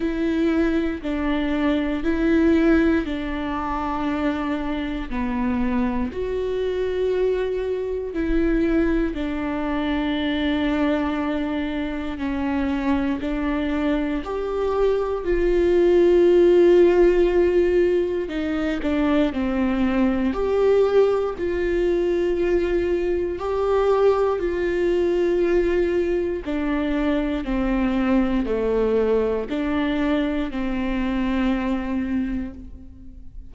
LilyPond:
\new Staff \with { instrumentName = "viola" } { \time 4/4 \tempo 4 = 59 e'4 d'4 e'4 d'4~ | d'4 b4 fis'2 | e'4 d'2. | cis'4 d'4 g'4 f'4~ |
f'2 dis'8 d'8 c'4 | g'4 f'2 g'4 | f'2 d'4 c'4 | a4 d'4 c'2 | }